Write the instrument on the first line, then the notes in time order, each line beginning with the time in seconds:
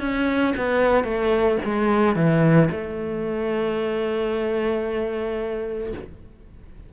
cello
0.00 C#4
0.56 B3
1.04 A3
1.65 G#3
2.15 E3
2.71 A3